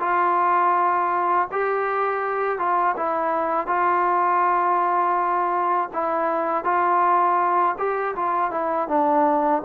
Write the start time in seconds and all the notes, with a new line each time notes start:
0.00 F4
1.52 G4
2.59 F4
2.97 E4
3.67 F4
5.93 E4
6.64 F4
7.78 G4
8.16 F4
8.51 E4
8.88 D4